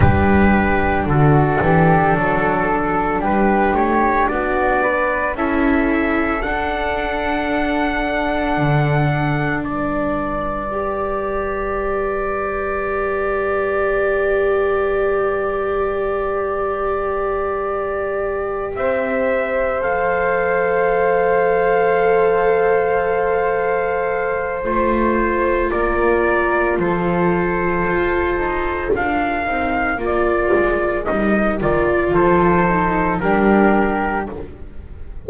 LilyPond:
<<
  \new Staff \with { instrumentName = "trumpet" } { \time 4/4 \tempo 4 = 56 b'4 a'2 b'8 cis''8 | d''4 e''4 fis''2~ | fis''4 d''2.~ | d''1~ |
d''4. e''4 f''4.~ | f''2. c''4 | d''4 c''2 f''4 | d''4 dis''8 d''8 c''4 ais'4 | }
  \new Staff \with { instrumentName = "flute" } { \time 4/4 g'4 fis'8 g'8 a'4 g'4 | fis'8 b'8 a'2.~ | a'4 b'2.~ | b'1~ |
b'4. c''2~ c''8~ | c''1 | ais'4 a'2 ais'4~ | ais'2 a'4 g'4 | }
  \new Staff \with { instrumentName = "viola" } { \time 4/4 d'1~ | d'4 e'4 d'2~ | d'2 g'2~ | g'1~ |
g'2~ g'8 a'4.~ | a'2. f'4~ | f'2.~ f'8 dis'8 | f'4 dis'8 f'4 dis'8 d'4 | }
  \new Staff \with { instrumentName = "double bass" } { \time 4/4 g4 d8 e8 fis4 g8 a8 | b4 cis'4 d'2 | d4 g2.~ | g1~ |
g4. c'4 f4.~ | f2. a4 | ais4 f4 f'8 dis'8 d'8 c'8 | ais8 gis8 g8 dis8 f4 g4 | }
>>